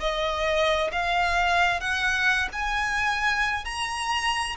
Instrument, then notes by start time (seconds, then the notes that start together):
violin
0.00 D#5
0.92 F5
1.81 F#5
2.52 G#5
3.65 A#5